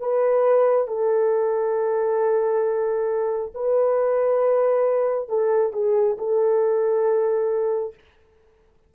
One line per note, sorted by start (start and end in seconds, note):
0.00 0.88 B4
0.88 3.53 A4
3.55 5.29 B4
5.29 5.73 A4
5.73 6.17 G#4
6.18 7.95 A4